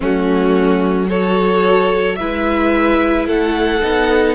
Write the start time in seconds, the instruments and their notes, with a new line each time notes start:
0.00 cello F#3, viola A3, violin C#4 F#4
1.07 viola F#4, violin A4 C#5
2.15 cello G#3, viola E4, violin B4 E5
3.27 cello A3, violin A4 F#5
3.81 cello B3, viola D#4